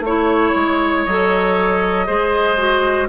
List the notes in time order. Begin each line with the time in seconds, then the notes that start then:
0.00 A3 C#5
0.06 E4
0.55 G#3
1.05 F#3 A4 D#5
2.06 G#3 G#4 C5
2.57 F#4